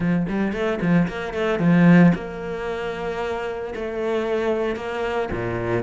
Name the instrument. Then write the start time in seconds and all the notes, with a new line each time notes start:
cello
0.00 F3
0.28 G3
0.52 A3
0.81 F3
1.07 A#3
1.33 A3
1.59 F3
2.14 A#3
3.75 A3
4.76 A#3
5.31 A#2